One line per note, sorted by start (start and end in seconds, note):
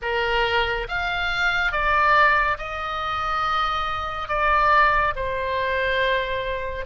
0.02 0.87 A#4
0.88 1.71 F5
1.71 2.57 D5
2.58 4.28 D#5
4.28 5.14 D5
5.15 6.85 C5